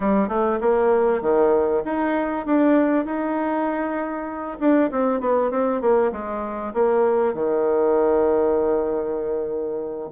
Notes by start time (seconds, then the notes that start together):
0.00 G3
0.28 A3
0.60 A#3
1.21 D#3
1.85 D#4
2.46 D4
3.05 D#4
4.59 D4
4.91 C4
5.20 B3
5.50 C4
5.81 A#3
6.11 G#3
6.73 A#3
7.34 D#3